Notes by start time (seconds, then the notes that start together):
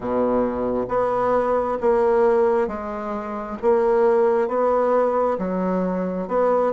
0.00 B2
0.88 B3
1.80 A#3
2.67 G#3
3.62 A#3
4.48 B3
5.38 F#3
6.27 B3